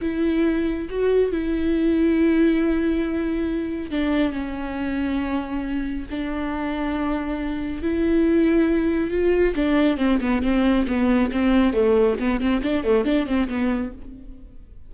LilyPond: \new Staff \with { instrumentName = "viola" } { \time 4/4 \tempo 4 = 138 e'2 fis'4 e'4~ | e'1~ | e'4 d'4 cis'2~ | cis'2 d'2~ |
d'2 e'2~ | e'4 f'4 d'4 c'8 b8 | c'4 b4 c'4 a4 | b8 c'8 d'8 a8 d'8 c'8 b4 | }